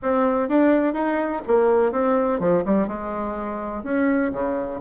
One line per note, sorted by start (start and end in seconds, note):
0.02 0.48 C4
0.48 0.93 D4
0.93 1.41 D#4
1.47 1.92 A#3
1.92 2.39 C4
2.39 2.63 F3
2.65 2.87 G3
2.87 3.83 G#3
3.83 4.31 C#4
4.32 4.80 C#3